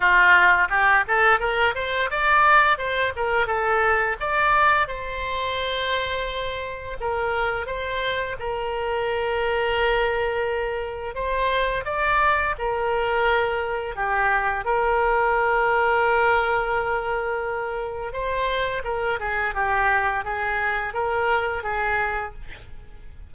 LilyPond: \new Staff \with { instrumentName = "oboe" } { \time 4/4 \tempo 4 = 86 f'4 g'8 a'8 ais'8 c''8 d''4 | c''8 ais'8 a'4 d''4 c''4~ | c''2 ais'4 c''4 | ais'1 |
c''4 d''4 ais'2 | g'4 ais'2.~ | ais'2 c''4 ais'8 gis'8 | g'4 gis'4 ais'4 gis'4 | }